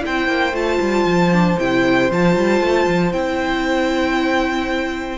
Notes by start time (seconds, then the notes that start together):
0.00 C4 E4 C5 G5
0.27 A#3
0.52 A3 F4 A5
0.80 G3
1.05 F3
1.32 D4
1.59 C3 E4 G5
2.10 F3 F4 A5
2.36 G3
2.60 A3
2.87 F3
3.12 C4 E4 G5